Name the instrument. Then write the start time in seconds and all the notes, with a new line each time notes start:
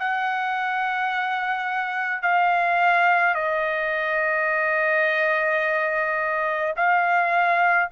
trumpet
0.00 F#5
2.22 F5
3.35 D#5
6.77 F5